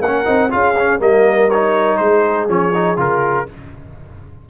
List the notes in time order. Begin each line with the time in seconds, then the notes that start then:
0.00 A#3 A#4 F#5
0.06 C#4
0.25 C4 D#4
0.49 C#4 F4 G#4 F5
0.78 C#4
0.99 G3 A#3 A#4 D#5
1.50 D#4 C#5
1.97 G#3 G#4 C5
2.48 F3 C#4 C#5
2.74 D#4
2.96 C#3 F4 A#4